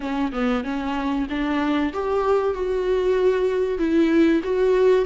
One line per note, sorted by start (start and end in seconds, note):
0.00 0.32 C#4
0.32 0.63 B3
0.64 1.27 C#4
1.29 1.92 D4
1.93 2.53 G4
2.53 3.78 F#4
3.78 4.41 E4
4.43 5.05 F#4